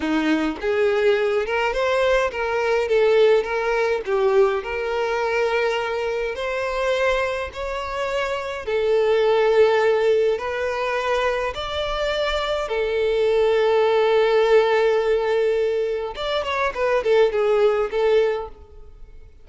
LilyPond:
\new Staff \with { instrumentName = "violin" } { \time 4/4 \tempo 4 = 104 dis'4 gis'4. ais'8 c''4 | ais'4 a'4 ais'4 g'4 | ais'2. c''4~ | c''4 cis''2 a'4~ |
a'2 b'2 | d''2 a'2~ | a'1 | d''8 cis''8 b'8 a'8 gis'4 a'4 | }